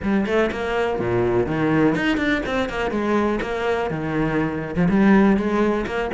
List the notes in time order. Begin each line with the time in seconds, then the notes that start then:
0.02 G3
0.25 A3
0.51 A#3
0.99 A#2
1.46 D#3
1.95 D#4
2.17 D4
2.45 C4
2.69 A#3
2.90 G#3
3.41 A#3
3.90 D#3
4.75 F3
4.89 G3
5.36 G#3
5.86 A#3